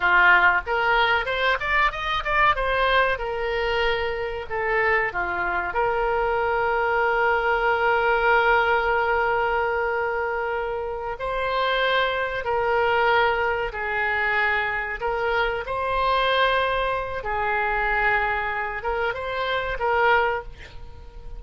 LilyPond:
\new Staff \with { instrumentName = "oboe" } { \time 4/4 \tempo 4 = 94 f'4 ais'4 c''8 d''8 dis''8 d''8 | c''4 ais'2 a'4 | f'4 ais'2.~ | ais'1~ |
ais'4. c''2 ais'8~ | ais'4. gis'2 ais'8~ | ais'8 c''2~ c''8 gis'4~ | gis'4. ais'8 c''4 ais'4 | }